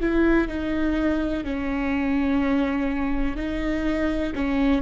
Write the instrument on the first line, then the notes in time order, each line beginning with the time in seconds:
viola
0.00 E4
0.48 D#4
1.44 C#4
3.37 D#4
4.35 C#4